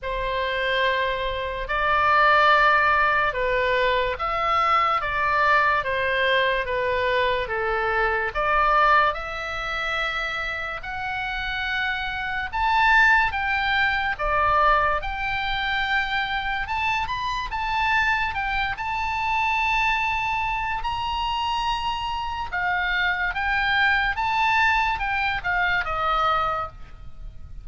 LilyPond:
\new Staff \with { instrumentName = "oboe" } { \time 4/4 \tempo 4 = 72 c''2 d''2 | b'4 e''4 d''4 c''4 | b'4 a'4 d''4 e''4~ | e''4 fis''2 a''4 |
g''4 d''4 g''2 | a''8 b''8 a''4 g''8 a''4.~ | a''4 ais''2 f''4 | g''4 a''4 g''8 f''8 dis''4 | }